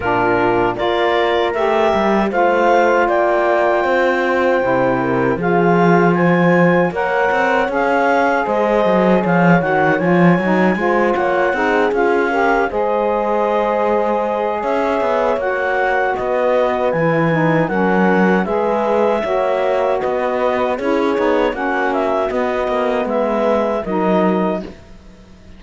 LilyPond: <<
  \new Staff \with { instrumentName = "clarinet" } { \time 4/4 \tempo 4 = 78 ais'4 d''4 e''4 f''4 | g''2. f''4 | gis''4 fis''4 f''4 dis''4 | f''8 fis''8 gis''4. fis''4 f''8~ |
f''8 dis''2~ dis''8 e''4 | fis''4 dis''4 gis''4 fis''4 | e''2 dis''4 cis''4 | fis''8 e''8 dis''4 e''4 dis''4 | }
  \new Staff \with { instrumentName = "horn" } { \time 4/4 f'4 ais'2 c''4 | d''4 c''4. ais'8 gis'4 | c''4 cis''2 c''4 | cis''2 c''8 cis''8 gis'4 |
ais'8 c''2~ c''8 cis''4~ | cis''4 b'2 ais'4 | b'4 cis''4 b'4 gis'4 | fis'2 b'4 ais'4 | }
  \new Staff \with { instrumentName = "saxophone" } { \time 4/4 d'4 f'4 g'4 f'4~ | f'2 e'4 f'4~ | f'4 ais'4 gis'2~ | gis'8 fis'8 f'8 dis'8 f'4 dis'8 f'8 |
g'8 gis'2.~ gis'8 | fis'2 e'8 dis'8 cis'4 | gis'4 fis'2 e'8 dis'8 | cis'4 b2 dis'4 | }
  \new Staff \with { instrumentName = "cello" } { \time 4/4 ais,4 ais4 a8 g8 a4 | ais4 c'4 c4 f4~ | f4 ais8 c'8 cis'4 gis8 fis8 | f8 dis8 f8 fis8 gis8 ais8 c'8 cis'8~ |
cis'8 gis2~ gis8 cis'8 b8 | ais4 b4 e4 fis4 | gis4 ais4 b4 cis'8 b8 | ais4 b8 ais8 gis4 fis4 | }
>>